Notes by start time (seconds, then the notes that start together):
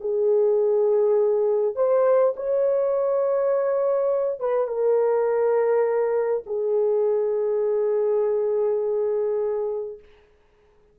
0.00 G#4
1.75 C5
2.36 C#5
4.39 B4
4.67 A#4
6.46 G#4